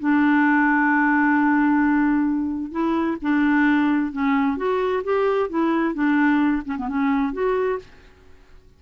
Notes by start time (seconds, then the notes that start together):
0.00 D4
2.72 E4
3.22 D4
4.13 C#4
4.58 F#4
5.04 G4
5.50 E4
5.94 D4
6.66 C#4
6.78 B3
6.89 C#4
7.34 F#4